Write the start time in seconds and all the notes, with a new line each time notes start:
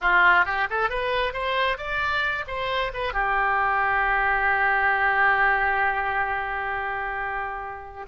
0.01 F4
0.45 G4
0.70 A4
0.89 B4
1.33 C5
1.77 D5
2.47 C5
2.93 B4
3.13 G4